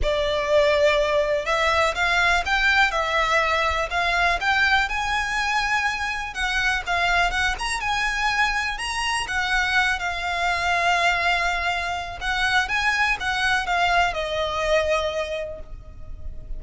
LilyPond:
\new Staff \with { instrumentName = "violin" } { \time 4/4 \tempo 4 = 123 d''2. e''4 | f''4 g''4 e''2 | f''4 g''4 gis''2~ | gis''4 fis''4 f''4 fis''8 ais''8 |
gis''2 ais''4 fis''4~ | fis''8 f''2.~ f''8~ | f''4 fis''4 gis''4 fis''4 | f''4 dis''2. | }